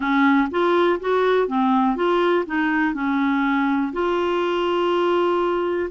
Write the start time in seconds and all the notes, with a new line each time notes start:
0.00 C#4
0.50 F4
1.00 F#4
1.47 C4
1.96 F4
2.46 D#4
2.94 C#4
3.93 F4